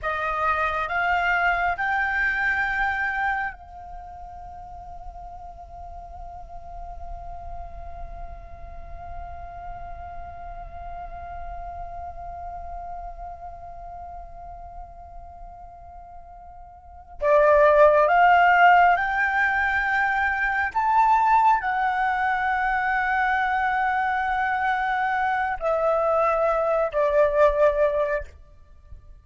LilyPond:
\new Staff \with { instrumentName = "flute" } { \time 4/4 \tempo 4 = 68 dis''4 f''4 g''2 | f''1~ | f''1~ | f''1~ |
f''2.~ f''8 d''8~ | d''8 f''4 g''2 a''8~ | a''8 fis''2.~ fis''8~ | fis''4 e''4. d''4. | }